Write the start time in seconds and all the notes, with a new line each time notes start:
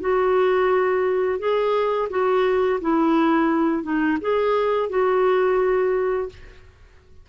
0.00 F#4
1.39 G#4
2.10 F#4
2.81 E4
3.83 D#4
4.21 G#4
4.89 F#4